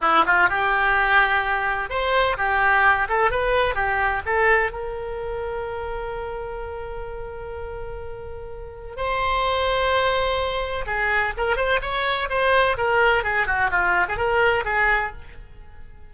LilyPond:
\new Staff \with { instrumentName = "oboe" } { \time 4/4 \tempo 4 = 127 e'8 f'8 g'2. | c''4 g'4. a'8 b'4 | g'4 a'4 ais'2~ | ais'1~ |
ais'2. c''4~ | c''2. gis'4 | ais'8 c''8 cis''4 c''4 ais'4 | gis'8 fis'8 f'8. gis'16 ais'4 gis'4 | }